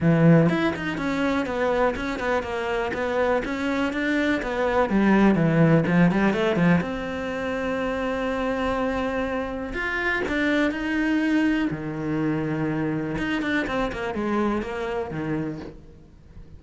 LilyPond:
\new Staff \with { instrumentName = "cello" } { \time 4/4 \tempo 4 = 123 e4 e'8 dis'8 cis'4 b4 | cis'8 b8 ais4 b4 cis'4 | d'4 b4 g4 e4 | f8 g8 a8 f8 c'2~ |
c'1 | f'4 d'4 dis'2 | dis2. dis'8 d'8 | c'8 ais8 gis4 ais4 dis4 | }